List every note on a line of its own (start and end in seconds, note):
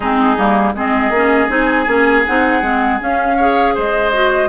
0.00 0.36 G#3
0.00 0.37 C4
0.00 0.72 D#4
0.00 0.74 G#4
0.37 0.74 G3
0.37 0.75 A#3
0.74 1.10 G#3
0.74 1.13 C4
0.74 3.36 G#4
0.74 1.50 D#5
1.10 1.47 A#3
1.10 1.48 C#4
1.48 1.87 C4
1.48 1.86 D#4
1.48 2.25 G#5
1.86 2.24 A#3
1.86 2.24 C#4
2.25 2.62 C4
2.25 2.62 D#4
2.25 3.00 F#5
2.62 2.99 G#3
2.62 2.99 C4
2.99 3.37 C#4
2.99 3.76 C#4
2.99 3.76 F5
3.36 4.12 G#4
3.36 3.73 C#5
3.74 4.49 G#3
3.74 4.49 C5
3.74 4.49 D#5
4.12 4.49 F#4